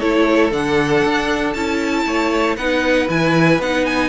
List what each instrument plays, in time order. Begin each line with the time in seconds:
0.00 cello A3, viola E4, violin A4 C#5
0.51 cello D3, viola D4, violin F#5
1.05 cello D4
1.53 cello C#4, viola E4, violin A5
2.07 cello A3, violin C#5
2.57 cello B3, viola D#4, violin B4 F#5
3.09 cello E3, viola E4, violin G#5
3.59 cello B3, viola D#4, violin F#5
3.86 violin G#5